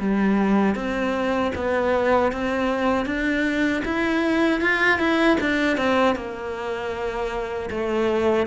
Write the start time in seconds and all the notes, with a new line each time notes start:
0.00 G3
0.75 C4
1.56 B3
2.32 C4
3.06 D4
3.85 E4
4.61 F4
4.99 E4
5.41 D4
5.77 C4
6.16 A#3
7.71 A3